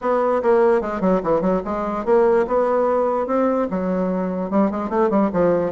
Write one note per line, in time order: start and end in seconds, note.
0.01 0.42 B3
0.42 0.81 A#3
0.81 1.00 G#3
1.00 1.21 F#3
1.23 1.41 E3
1.41 1.61 F#3
1.65 2.05 G#3
2.05 2.46 A#3
2.47 3.26 B3
3.26 3.67 C4
3.70 4.50 F#3
4.50 4.70 G3
4.70 4.89 G#3
4.89 5.10 A3
5.10 5.30 G3
5.32 5.72 F3